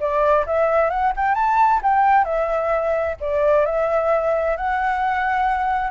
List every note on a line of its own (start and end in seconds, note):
0.00 0.46 D5
0.47 0.90 E5
0.90 1.13 F#5
1.16 1.35 G5
1.35 1.81 A5
1.83 2.25 G5
2.25 3.16 E5
3.21 3.66 D5
3.66 4.57 E5
4.57 5.91 F#5